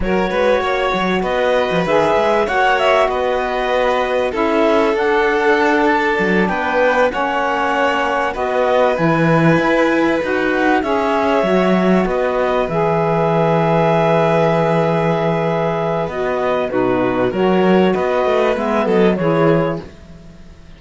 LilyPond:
<<
  \new Staff \with { instrumentName = "clarinet" } { \time 4/4 \tempo 4 = 97 cis''2 dis''4 e''4 | fis''8 e''8 dis''2 e''4 | fis''4. a''4 g''4 fis''8~ | fis''4. dis''4 gis''4.~ |
gis''8 fis''4 e''2 dis''8~ | dis''8 e''2.~ e''8~ | e''2 dis''4 b'4 | cis''4 dis''4 e''8 dis''8 cis''4 | }
  \new Staff \with { instrumentName = "violin" } { \time 4/4 ais'8 b'8 cis''4 b'2 | cis''4 b'2 a'4~ | a'2~ a'8 b'4 cis''8~ | cis''4. b'2~ b'8~ |
b'4. cis''2 b'8~ | b'1~ | b'2. fis'4 | ais'4 b'4. a'8 gis'4 | }
  \new Staff \with { instrumentName = "saxophone" } { \time 4/4 fis'2. gis'4 | fis'2. e'4 | d'2.~ d'8 cis'8~ | cis'4. fis'4 e'4.~ |
e'8 fis'4 gis'4 fis'4.~ | fis'8 gis'2.~ gis'8~ | gis'2 fis'4 dis'4 | fis'2 b4 e'4 | }
  \new Staff \with { instrumentName = "cello" } { \time 4/4 fis8 gis8 ais8 fis8 b8. f16 dis8 gis8 | ais4 b2 cis'4 | d'2 fis8 b4 ais8~ | ais4. b4 e4 e'8~ |
e'8 dis'4 cis'4 fis4 b8~ | b8 e2.~ e8~ | e2 b4 b,4 | fis4 b8 a8 gis8 fis8 e4 | }
>>